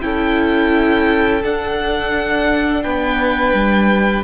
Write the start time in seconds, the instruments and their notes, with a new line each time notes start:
0.00 cello C#4, viola E4, violin A4 G5
1.43 cello D4, viola D4, violin F#5
2.83 cello B3, violin B4 G5
3.53 cello G3